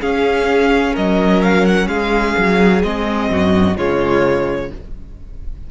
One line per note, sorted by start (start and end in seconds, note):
0.00 2.81 C#4
0.00 0.95 C#4
0.00 0.93 G#4
0.00 0.95 F5
0.93 1.87 F#3
0.93 1.86 A#4
0.93 1.42 D#5
1.42 1.65 F5
1.65 1.88 F#5
1.87 2.34 G#3
1.87 3.29 G#4
1.87 2.81 F5
2.37 2.83 F#3
2.83 3.30 G#3
2.83 3.75 C4
2.83 3.77 D#5
3.30 3.77 F#2
3.30 3.77 F#4
3.75 4.71 C#3
3.75 4.69 G#3
3.75 4.71 F4
3.75 4.71 C#5